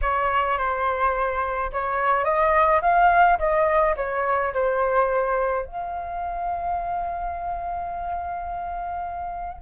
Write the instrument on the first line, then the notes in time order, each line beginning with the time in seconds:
flute
0.01 C#5
0.58 C5
1.72 C#5
2.24 D#5
2.81 F5
3.38 D#5
3.96 C#5
4.53 C5
5.65 F5